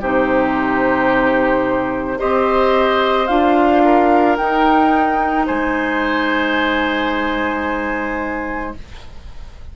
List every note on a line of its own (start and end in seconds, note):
0.00 2.19 C3
0.00 2.17 D#4
0.00 2.18 G4
0.00 2.19 C5
2.17 3.29 C4
2.17 3.27 G4
2.17 3.82 C5
2.17 3.27 D#5
3.27 4.38 D4
3.27 4.37 F4
3.27 4.36 F5
3.84 5.46 A#4
4.37 8.74 D#4
4.37 5.47 D#4
4.37 5.46 G5
5.46 8.76 G#3
5.46 8.73 C5
5.46 8.74 G#5